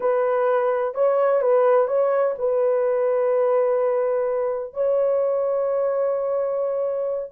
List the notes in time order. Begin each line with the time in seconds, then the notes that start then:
0.00 B4
0.94 C#5
1.41 B4
1.87 C#5
2.38 B4
4.73 C#5